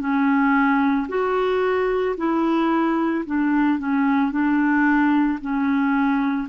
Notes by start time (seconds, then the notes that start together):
0.00 C#4
1.09 F#4
2.17 E4
3.26 D4
3.79 C#4
4.31 D4
5.41 C#4